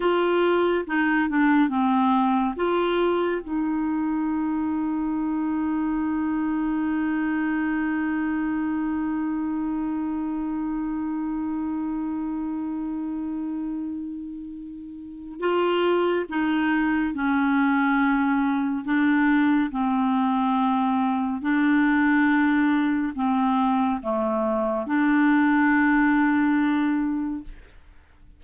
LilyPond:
\new Staff \with { instrumentName = "clarinet" } { \time 4/4 \tempo 4 = 70 f'4 dis'8 d'8 c'4 f'4 | dis'1~ | dis'1~ | dis'1~ |
dis'2 f'4 dis'4 | cis'2 d'4 c'4~ | c'4 d'2 c'4 | a4 d'2. | }